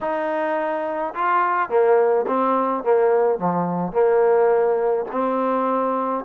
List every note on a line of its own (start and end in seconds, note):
0.00 1.13 D#4
1.14 1.69 F4
1.69 2.25 A#3
2.27 2.83 C4
2.83 3.38 A#3
3.38 3.92 F3
3.92 5.05 A#3
5.11 6.24 C4